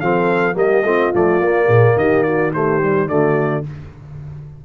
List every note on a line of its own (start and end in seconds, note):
0.00 0.55 F3
0.00 0.54 C4
0.00 0.56 A4
0.00 0.56 F5
0.54 0.83 G3
0.54 0.82 A#3
0.54 0.84 G4
0.54 1.14 D#5
0.83 1.11 A3
0.83 1.13 C4
0.83 1.65 F4
1.13 1.39 F3
1.13 1.41 A3
1.13 1.98 D5
1.39 1.68 A#3
1.39 2.53 A#3
1.65 1.96 A#2
1.65 1.93 G#4
1.96 3.08 D#3
1.96 2.26 G4
1.96 2.23 D#5
2.23 2.53 F#4
2.23 2.51 D5
2.53 2.81 A3
2.53 3.09 G4
2.53 3.08 C5
2.81 3.08 G3
3.08 3.64 D3
3.08 3.64 A3
3.08 3.65 F#4
3.08 3.64 D5